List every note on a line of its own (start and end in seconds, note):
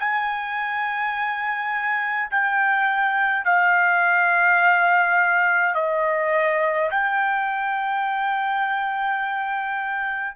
0.00 2.31 G#5
2.31 3.45 G5
3.45 5.75 F5
5.75 6.90 D#5
6.91 10.36 G5